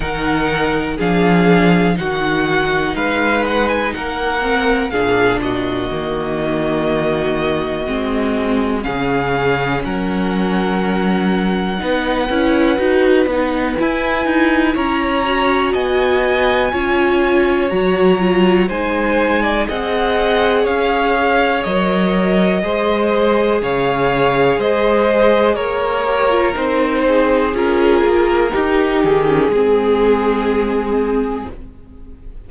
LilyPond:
<<
  \new Staff \with { instrumentName = "violin" } { \time 4/4 \tempo 4 = 61 fis''4 f''4 fis''4 f''8 fis''16 gis''16 | fis''4 f''8 dis''2~ dis''8~ | dis''4 f''4 fis''2~ | fis''2 gis''4 ais''4 |
gis''2 ais''4 gis''4 | fis''4 f''4 dis''2 | f''4 dis''4 cis''4 c''4 | ais'4. gis'2~ gis'8 | }
  \new Staff \with { instrumentName = "violin" } { \time 4/4 ais'4 gis'4 fis'4 b'4 | ais'4 gis'8 fis'2~ fis'8~ | fis'4 gis'4 ais'2 | b'2. cis''4 |
dis''4 cis''2 c''8. d''16 | dis''4 cis''2 c''4 | cis''4 c''4 ais'4. gis'8~ | gis'4 g'4 gis'2 | }
  \new Staff \with { instrumentName = "viola" } { \time 4/4 dis'4 d'4 dis'2~ | dis'8 c'8 d'4 ais2 | c'4 cis'2. | dis'8 e'8 fis'8 dis'8 e'4. fis'8~ |
fis'4 f'4 fis'8 f'8 dis'4 | gis'2 ais'4 gis'4~ | gis'2~ gis'8 g'16 f'16 dis'4 | f'4 dis'8. cis'16 c'2 | }
  \new Staff \with { instrumentName = "cello" } { \time 4/4 dis4 f4 dis4 gis4 | ais4 ais,4 dis2 | gis4 cis4 fis2 | b8 cis'8 dis'8 b8 e'8 dis'8 cis'4 |
b4 cis'4 fis4 gis4 | c'4 cis'4 fis4 gis4 | cis4 gis4 ais4 c'4 | cis'8 ais8 dis'8 dis8 gis2 | }
>>